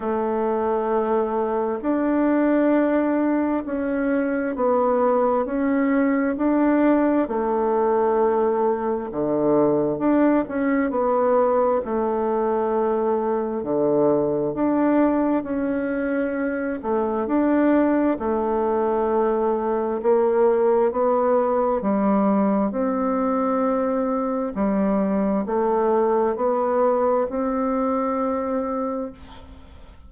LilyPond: \new Staff \with { instrumentName = "bassoon" } { \time 4/4 \tempo 4 = 66 a2 d'2 | cis'4 b4 cis'4 d'4 | a2 d4 d'8 cis'8 | b4 a2 d4 |
d'4 cis'4. a8 d'4 | a2 ais4 b4 | g4 c'2 g4 | a4 b4 c'2 | }